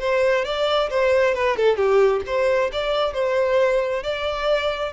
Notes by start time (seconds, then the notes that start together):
0.00 C5
0.45 D5
0.90 C5
1.35 B4
1.57 A4
1.77 G4
2.26 C5
2.73 D5
3.14 C5
4.03 D5